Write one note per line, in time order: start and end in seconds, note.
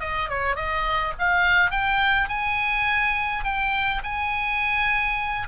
0.00 0.29 D#5
0.29 0.56 C#5
0.56 1.13 D#5
1.19 1.71 F5
1.71 2.28 G5
2.28 3.44 G#5
3.44 4.01 G5
4.03 5.48 G#5